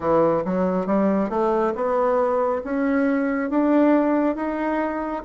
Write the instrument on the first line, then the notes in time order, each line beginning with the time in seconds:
bassoon
0.00 E3
0.44 F#3
0.86 G3
1.29 A3
1.75 B3
2.64 C#4
3.49 D4
4.35 D#4